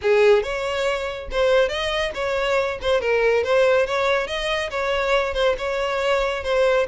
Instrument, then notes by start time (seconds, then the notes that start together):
violin
0.01 G#4
0.42 C#5
1.31 C5
1.68 D#5
2.14 C#5
2.81 C5
3.00 A#4
3.43 C5
3.86 C#5
4.27 D#5
4.70 C#5
5.34 C5
5.58 C#5
6.43 C5